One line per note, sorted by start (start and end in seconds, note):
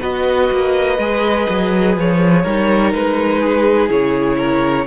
0.00 0.50 B3
0.00 0.97 F#4
0.00 2.43 B4
0.00 1.96 D#5
0.52 0.99 A#3
0.99 1.47 G#3
0.99 2.46 G#4
1.50 1.97 F#3
1.97 2.46 F3
1.97 2.93 C#5
2.44 2.94 G3
2.44 3.90 D#4
2.44 3.40 A#4
2.93 3.90 G#3
2.93 3.90 B4
3.40 4.37 G#4
3.90 4.87 C#3
3.90 4.86 E4
3.90 4.87 C#5
4.38 4.87 A#4